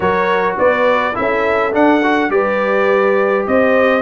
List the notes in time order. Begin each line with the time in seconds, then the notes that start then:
0.00 F#3 F#4 A#4 C#5
0.58 B3 B4 D5
1.14 C#4 E4 A4 E5
1.72 D4 F#5
2.03 F#4
2.29 G3 G4 B4 D5
3.46 C4 C5 D#5